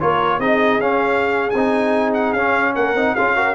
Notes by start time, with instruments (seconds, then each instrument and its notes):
0.00 tuba A#3, trombone F4, horn A#4, trumpet C#5
0.39 tuba C4, trombone D#4, horn G#4, trumpet D#5
0.79 tuba C#4, trombone C#4, trumpet F5
1.50 tuba C4, trumpet G#5
1.57 trombone D#4
2.14 trumpet F#5
2.33 tuba C#4, trombone C#4, trumpet F5
2.75 tuba A#3, horn A#4, trumpet F#5
2.95 tuba C4, trombone D#4
3.15 tuba C#4, trombone F4, horn G#4, trumpet F5
3.37 trombone F#4, horn A#4